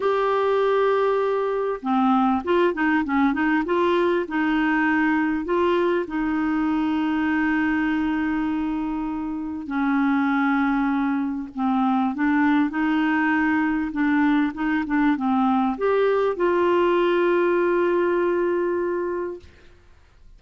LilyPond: \new Staff \with { instrumentName = "clarinet" } { \time 4/4 \tempo 4 = 99 g'2. c'4 | f'8 dis'8 cis'8 dis'8 f'4 dis'4~ | dis'4 f'4 dis'2~ | dis'1 |
cis'2. c'4 | d'4 dis'2 d'4 | dis'8 d'8 c'4 g'4 f'4~ | f'1 | }